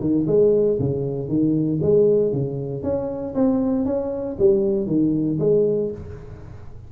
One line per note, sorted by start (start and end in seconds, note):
0.00 0.26 D#3
0.27 0.78 G#3
0.79 1.29 C#3
1.29 1.80 D#3
1.82 2.32 G#3
2.32 2.83 C#3
2.83 3.34 C#4
3.34 3.85 C4
3.85 4.37 C#4
4.39 4.87 G3
4.87 5.38 D#3
5.40 5.91 G#3